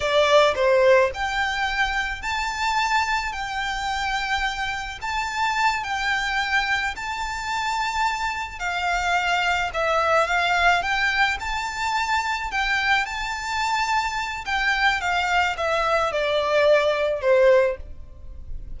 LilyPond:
\new Staff \with { instrumentName = "violin" } { \time 4/4 \tempo 4 = 108 d''4 c''4 g''2 | a''2 g''2~ | g''4 a''4. g''4.~ | g''8 a''2. f''8~ |
f''4. e''4 f''4 g''8~ | g''8 a''2 g''4 a''8~ | a''2 g''4 f''4 | e''4 d''2 c''4 | }